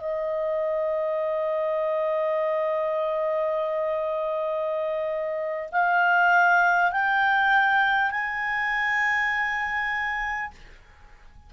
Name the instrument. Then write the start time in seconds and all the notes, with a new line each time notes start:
clarinet
0.00 D#5
5.72 F5
6.92 G5
8.11 G#5